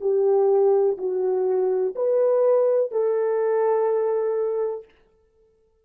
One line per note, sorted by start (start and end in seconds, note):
0.00 0.97 G4
0.98 1.94 F#4
1.95 2.91 B4
2.91 4.85 A4